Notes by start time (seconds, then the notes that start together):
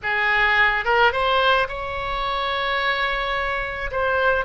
0.03 G#4
0.84 A#4
1.12 C5
1.68 C#5
3.91 C5